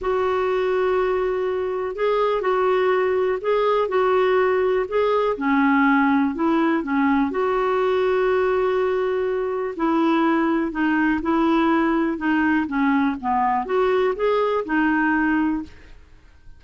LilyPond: \new Staff \with { instrumentName = "clarinet" } { \time 4/4 \tempo 4 = 123 fis'1 | gis'4 fis'2 gis'4 | fis'2 gis'4 cis'4~ | cis'4 e'4 cis'4 fis'4~ |
fis'1 | e'2 dis'4 e'4~ | e'4 dis'4 cis'4 b4 | fis'4 gis'4 dis'2 | }